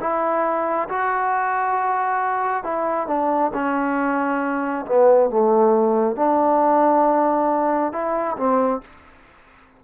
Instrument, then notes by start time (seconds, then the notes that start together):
trombone
0.00 E4
0.89 F#4
2.64 E4
3.07 D4
3.53 C#4
4.86 B3
5.30 A3
6.16 D4
7.92 E4
8.37 C4